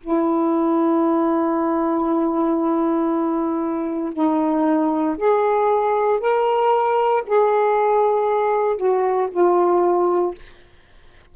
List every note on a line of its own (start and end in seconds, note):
0.00 4.13 E4
4.13 5.16 D#4
5.17 6.20 G#4
6.20 7.23 A#4
7.26 8.76 G#4
8.76 9.28 F#4
9.31 10.34 F4